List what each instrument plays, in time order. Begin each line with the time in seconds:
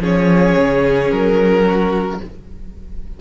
0.00 cello F3, viola C#4, violin G#4 C#5
0.57 cello C#3
1.11 cello F#3, violin A#4
1.66 violin F#4